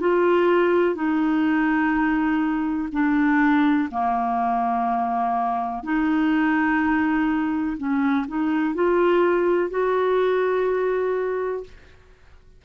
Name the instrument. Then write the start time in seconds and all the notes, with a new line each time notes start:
clarinet
0.00 F4
0.95 D#4
2.92 D4
3.91 A#3
5.83 D#4
7.77 C#4
8.27 D#4
8.74 F4
9.70 F#4